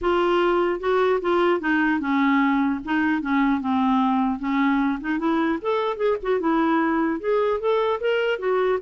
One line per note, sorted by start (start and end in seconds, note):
0.01 0.80 F4
0.80 1.20 F#4
1.21 1.60 F4
1.60 2.00 D#4
2.00 2.80 C#4
2.84 3.21 D#4
3.21 3.61 C#4
3.61 4.39 C4
4.39 4.99 C#4
5.00 5.18 D#4
5.18 5.58 E4
5.61 5.97 A4
5.97 6.17 G#4
6.22 6.39 F#4
6.39 7.19 E4
7.19 7.59 G#4
7.59 7.99 A4
8.00 8.38 A#4
8.38 8.78 F#4